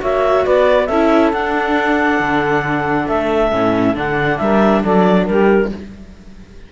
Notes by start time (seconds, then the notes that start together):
0.00 A#3 F#4 C#5 E5
0.44 B3 B4 D5
0.86 C#4 A4 E5
0.93 E4
1.33 D4 F#5
2.20 D3
3.08 A3 E5
3.52 A2 C#4
3.95 D3 D4 F#5
4.38 G3 A#4 E5
4.81 F#3 A4 D5
5.26 G3 G4 A#4